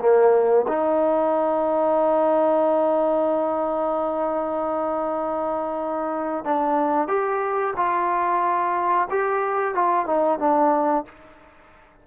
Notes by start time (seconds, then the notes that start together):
0.00 A#3
0.68 D#4
6.44 D4
7.08 G4
7.76 F4
9.10 G4
9.75 F4
10.06 D#4
10.39 D4